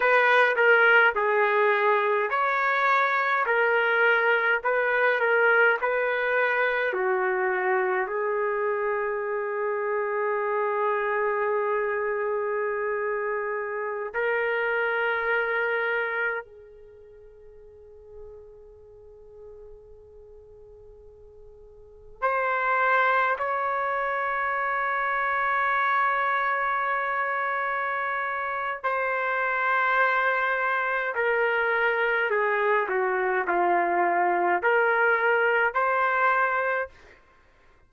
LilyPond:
\new Staff \with { instrumentName = "trumpet" } { \time 4/4 \tempo 4 = 52 b'8 ais'8 gis'4 cis''4 ais'4 | b'8 ais'8 b'4 fis'4 gis'4~ | gis'1~ | gis'16 ais'2 gis'4.~ gis'16~ |
gis'2.~ gis'16 c''8.~ | c''16 cis''2.~ cis''8.~ | cis''4 c''2 ais'4 | gis'8 fis'8 f'4 ais'4 c''4 | }